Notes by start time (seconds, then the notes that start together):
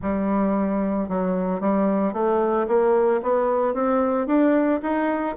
0.02 G3
1.08 F#3
1.60 G3
2.13 A3
2.67 A#3
3.22 B3
3.74 C4
4.26 D4
4.82 D#4